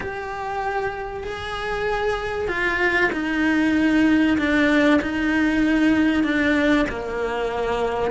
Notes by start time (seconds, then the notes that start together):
0.00 G4
1.23 G#4
2.47 F4
3.12 D#4
4.38 D4
5.01 D#4
6.23 D4
6.89 A#3